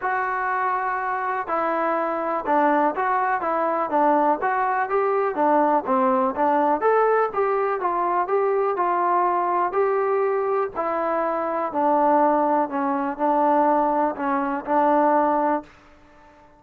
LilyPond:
\new Staff \with { instrumentName = "trombone" } { \time 4/4 \tempo 4 = 123 fis'2. e'4~ | e'4 d'4 fis'4 e'4 | d'4 fis'4 g'4 d'4 | c'4 d'4 a'4 g'4 |
f'4 g'4 f'2 | g'2 e'2 | d'2 cis'4 d'4~ | d'4 cis'4 d'2 | }